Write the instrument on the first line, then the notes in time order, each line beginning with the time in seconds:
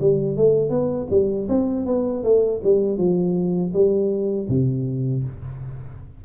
tuba
0.00 G3
0.36 A3
0.69 B3
1.10 G3
1.48 C4
1.85 B3
2.23 A3
2.63 G3
2.97 F3
3.73 G3
4.48 C3